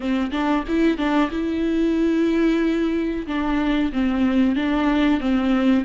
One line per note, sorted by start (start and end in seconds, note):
0.00 0.30 C4
0.31 0.63 D4
0.68 0.97 E4
0.97 1.30 D4
1.30 3.26 E4
3.26 3.91 D4
3.92 4.55 C4
4.55 5.20 D4
5.20 5.84 C4